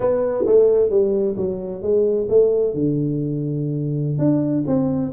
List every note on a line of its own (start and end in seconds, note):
0.00 0.45 B3
0.46 0.90 A3
0.90 1.35 G3
1.36 1.82 F#3
1.82 2.27 G#3
2.29 2.74 A3
2.74 4.18 D3
4.18 4.63 D4
4.66 5.12 C4